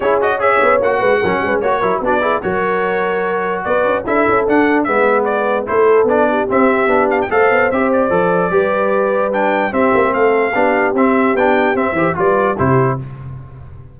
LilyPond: <<
  \new Staff \with { instrumentName = "trumpet" } { \time 4/4 \tempo 4 = 148 cis''8 dis''8 e''4 fis''2 | cis''4 d''4 cis''2~ | cis''4 d''4 e''4 fis''4 | e''4 d''4 c''4 d''4 |
e''4. f''16 g''16 f''4 e''8 d''8~ | d''2. g''4 | e''4 f''2 e''4 | g''4 e''4 d''4 c''4 | }
  \new Staff \with { instrumentName = "horn" } { \time 4/4 gis'4 cis''4. b'8 ais'8 b'8 | cis''8 ais'8 fis'8 gis'8 ais'2~ | ais'4 b'4 a'2 | b'2 a'4. g'8~ |
g'2 c''2~ | c''4 b'2. | g'4 a'4 g'2~ | g'4. c''8 b'4 g'4 | }
  \new Staff \with { instrumentName = "trombone" } { \time 4/4 e'8 fis'8 gis'4 fis'4 cis'4 | fis'8 e'8 d'8 e'8 fis'2~ | fis'2 e'4 d'4 | b2 e'4 d'4 |
c'4 d'4 a'4 g'4 | a'4 g'2 d'4 | c'2 d'4 c'4 | d'4 c'8 g'8 f'4 e'4 | }
  \new Staff \with { instrumentName = "tuba" } { \time 4/4 cis'4. b8 ais8 gis8 fis8 gis8 | ais8 fis8 b4 fis2~ | fis4 b8 cis'8 d'8 cis'8 d'4 | gis2 a4 b4 |
c'4 b4 a8 b8 c'4 | f4 g2. | c'8 ais8 a4 b4 c'4 | b4 c'8 e8 g4 c4 | }
>>